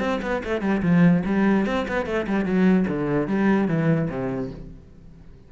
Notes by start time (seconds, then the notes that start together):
0.00 C4
0.22 B3
0.45 A3
0.62 G3
0.83 F3
1.26 G3
1.66 C4
1.88 B3
2.06 A3
2.27 G3
2.45 F#3
2.88 D3
3.28 G3
3.68 E3
4.10 C3